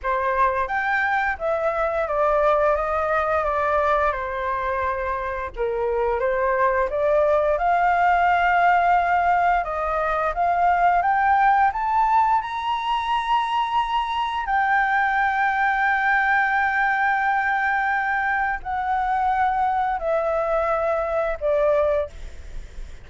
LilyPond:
\new Staff \with { instrumentName = "flute" } { \time 4/4 \tempo 4 = 87 c''4 g''4 e''4 d''4 | dis''4 d''4 c''2 | ais'4 c''4 d''4 f''4~ | f''2 dis''4 f''4 |
g''4 a''4 ais''2~ | ais''4 g''2.~ | g''2. fis''4~ | fis''4 e''2 d''4 | }